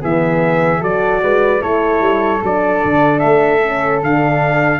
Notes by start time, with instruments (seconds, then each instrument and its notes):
0.00 tuba E3, horn B3, flute G#4, trumpet E5
0.80 tuba F#3, horn F#4, flute A4, trumpet D5
1.22 tuba G#3, flute B4
1.60 tuba A3, horn E4, flute A4, trumpet C#5
2.00 tuba G3
2.42 tuba F#3, horn D4, trumpet D5
2.84 tuba D3
3.19 tuba A3, trumpet E5
3.63 horn C#4
4.03 tuba D3, horn D4, trumpet F5